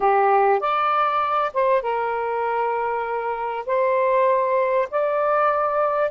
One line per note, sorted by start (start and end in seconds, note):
0.00 0.60 G4
0.60 1.51 D5
1.53 1.82 C5
1.82 3.65 A#4
3.66 4.88 C5
4.90 6.11 D5